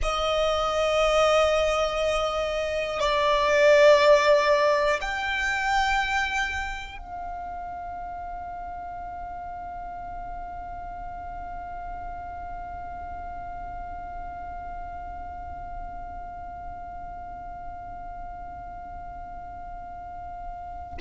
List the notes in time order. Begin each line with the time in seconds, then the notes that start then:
0.02 D#5
3.00 D5
5.01 G5
6.97 F5